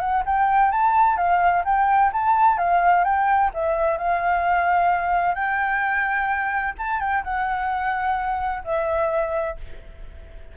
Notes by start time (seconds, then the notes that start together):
0.00 F#5
0.26 G5
0.71 A5
1.17 F5
1.65 G5
2.13 A5
2.58 F5
3.04 G5
3.54 E5
3.98 F5
5.35 G5
6.78 A5
7.00 G5
7.24 F#5
8.64 E5